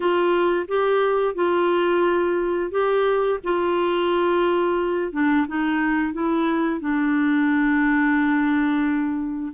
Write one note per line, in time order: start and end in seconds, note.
0.00 0.66 F4
0.68 1.35 G4
1.35 2.71 F4
2.71 3.39 G4
3.43 5.12 F4
5.12 5.46 D4
5.47 6.13 D#4
6.13 6.80 E4
6.80 9.53 D4